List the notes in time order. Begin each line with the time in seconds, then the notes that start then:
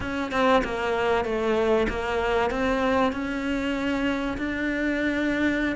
0.00 C#4
0.31 C4
0.64 A#3
1.24 A3
1.89 A#3
2.50 C4
3.12 C#4
4.37 D4